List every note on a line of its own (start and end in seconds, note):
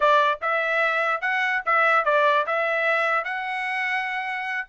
0.00 0.39 D5
0.41 1.21 E5
1.21 1.62 F#5
1.65 2.05 E5
2.05 2.45 D5
2.46 3.24 E5
3.24 4.67 F#5